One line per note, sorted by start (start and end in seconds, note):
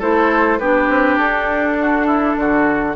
0.00 0.60 A3
0.00 0.60 E4
0.00 0.59 A4
0.00 0.59 C5
0.59 0.89 B3
0.59 2.96 D4
0.59 1.77 G4
0.59 1.18 B4
0.89 1.18 C4
1.18 2.36 D4
1.18 2.95 A4
1.81 2.06 F#4
2.06 2.36 E4
2.37 2.95 D3
2.37 2.96 F#4